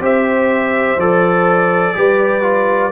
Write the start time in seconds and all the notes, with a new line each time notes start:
0.00 C4 G4 C5 E5
0.98 F3 A4 D5
1.96 G3 G4 B4
2.43 F4